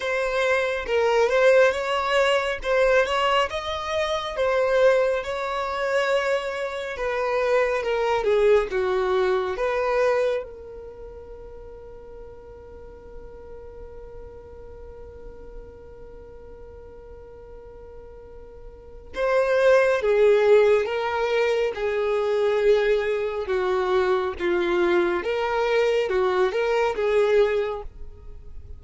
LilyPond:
\new Staff \with { instrumentName = "violin" } { \time 4/4 \tempo 4 = 69 c''4 ais'8 c''8 cis''4 c''8 cis''8 | dis''4 c''4 cis''2 | b'4 ais'8 gis'8 fis'4 b'4 | ais'1~ |
ais'1~ | ais'2 c''4 gis'4 | ais'4 gis'2 fis'4 | f'4 ais'4 fis'8 ais'8 gis'4 | }